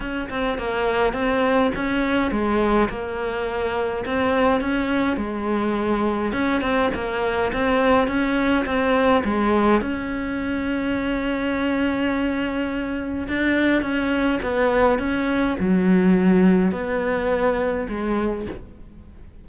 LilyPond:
\new Staff \with { instrumentName = "cello" } { \time 4/4 \tempo 4 = 104 cis'8 c'8 ais4 c'4 cis'4 | gis4 ais2 c'4 | cis'4 gis2 cis'8 c'8 | ais4 c'4 cis'4 c'4 |
gis4 cis'2.~ | cis'2. d'4 | cis'4 b4 cis'4 fis4~ | fis4 b2 gis4 | }